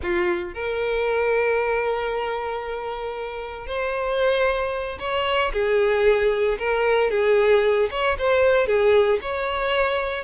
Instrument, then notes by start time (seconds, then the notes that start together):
violin
0.02 F4
0.54 A#4
3.66 C5
4.99 C#5
5.52 G#4
6.58 A#4
7.10 G#4
7.90 C#5
8.18 C5
8.66 G#4
9.21 C#5